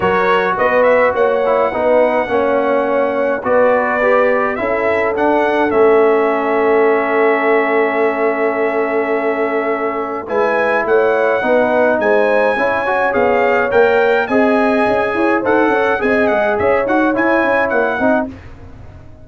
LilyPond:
<<
  \new Staff \with { instrumentName = "trumpet" } { \time 4/4 \tempo 4 = 105 cis''4 dis''8 e''8 fis''2~ | fis''2 d''2 | e''4 fis''4 e''2~ | e''1~ |
e''2 gis''4 fis''4~ | fis''4 gis''2 f''4 | g''4 gis''2 fis''4 | gis''8 fis''8 e''8 fis''8 gis''4 fis''4 | }
  \new Staff \with { instrumentName = "horn" } { \time 4/4 ais'4 b'4 cis''4 b'4 | cis''2 b'2 | a'1~ | a'1~ |
a'2 b'4 cis''4 | b'4 c''4 cis''2~ | cis''4 dis''4. cis''8 c''8 cis''8 | dis''4 cis''2~ cis''8 dis''8 | }
  \new Staff \with { instrumentName = "trombone" } { \time 4/4 fis'2~ fis'8 e'8 dis'4 | cis'2 fis'4 g'4 | e'4 d'4 cis'2~ | cis'1~ |
cis'2 e'2 | dis'2 e'8 fis'8 gis'4 | ais'4 gis'2 a'4 | gis'4. fis'8 e'4. dis'8 | }
  \new Staff \with { instrumentName = "tuba" } { \time 4/4 fis4 b4 ais4 b4 | ais2 b2 | cis'4 d'4 a2~ | a1~ |
a2 gis4 a4 | b4 gis4 cis'4 b4 | ais4 c'4 cis'8 e'8 dis'8 cis'8 | c'8 gis8 cis'8 dis'8 e'8 cis'8 ais8 c'8 | }
>>